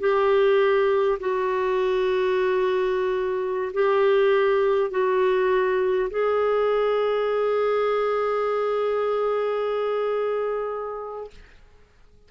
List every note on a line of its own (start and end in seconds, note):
0.00 1.19 G4
1.20 3.72 F#4
3.73 4.91 G4
4.91 6.09 F#4
6.11 11.30 G#4